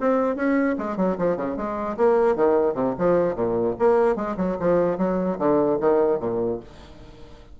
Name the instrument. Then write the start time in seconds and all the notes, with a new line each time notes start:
bassoon
0.00 C4
0.36 C#4
0.78 G#3
0.96 F#3
1.18 F3
1.36 C#3
1.56 G#3
1.97 A#3
2.35 D#3
2.74 C3
2.98 F3
3.35 A#2
3.79 A#3
4.15 G#3
4.37 F#3
4.59 F3
4.97 F#3
5.38 D3
5.80 D#3
6.19 A#2